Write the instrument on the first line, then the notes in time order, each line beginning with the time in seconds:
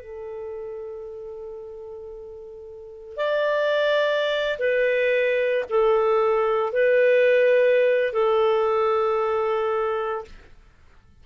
clarinet
0.00 A4
3.16 D5
4.59 B4
5.69 A4
6.73 B4
8.13 A4